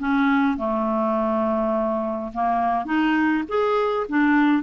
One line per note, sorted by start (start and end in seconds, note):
0.00 0.57 C#4
0.57 2.32 A3
2.34 2.86 A#3
2.86 3.44 D#4
3.49 4.07 G#4
4.10 4.63 D4